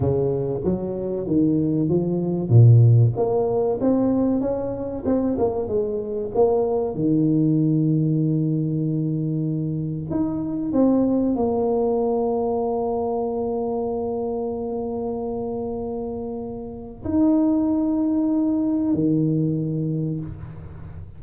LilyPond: \new Staff \with { instrumentName = "tuba" } { \time 4/4 \tempo 4 = 95 cis4 fis4 dis4 f4 | ais,4 ais4 c'4 cis'4 | c'8 ais8 gis4 ais4 dis4~ | dis1 |
dis'4 c'4 ais2~ | ais1~ | ais2. dis'4~ | dis'2 dis2 | }